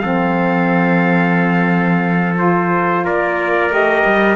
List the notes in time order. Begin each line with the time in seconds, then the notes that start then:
0.00 F3 C4 A4 F5
2.36 F4 C5
3.05 A#3 A#4 D5
3.70 A3 G4 D#5
4.06 G3